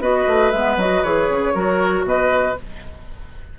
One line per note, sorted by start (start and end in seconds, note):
0.00 0.25 B3
0.00 0.52 F#4
0.00 1.54 B4
0.00 0.51 D#5
0.27 0.53 A3
0.51 0.76 G#3
0.51 0.81 B3
0.51 0.76 E5
0.76 1.02 F#3
0.76 1.04 F#4
0.76 1.03 D#5
1.03 1.29 E3
1.03 1.54 G#4
1.03 2.05 C#5
1.29 1.54 C#3
1.54 2.03 F#3
1.54 2.56 F#4
1.54 2.05 A#4
2.03 2.54 B2
2.03 2.59 B4
2.03 2.58 D#5